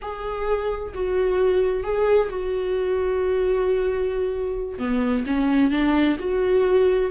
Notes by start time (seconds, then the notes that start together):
0.01 G#4
0.94 F#4
1.83 G#4
2.29 F#4
4.78 B3
5.26 C#4
5.70 D4
6.19 F#4